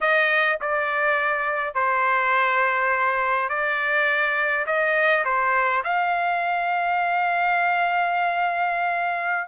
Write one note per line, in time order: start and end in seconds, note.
0.01 0.59 D#5
0.61 1.74 D5
1.74 3.49 C5
3.49 4.65 D5
4.66 5.24 D#5
5.24 5.83 C5
5.84 9.47 F5